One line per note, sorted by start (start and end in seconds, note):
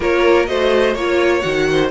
0.00 0.48 A#3
0.00 0.46 F4
0.00 0.48 A#4
0.00 0.46 C#5
0.46 0.95 A3
0.46 0.94 F#4
0.46 0.96 C5
0.46 0.93 D#5
0.93 1.43 A#3
0.93 1.41 F4
0.93 1.40 C#5
0.93 1.68 C#5
1.40 1.91 D#3
1.40 1.89 F#4
1.40 1.88 F#5
1.70 1.91 C5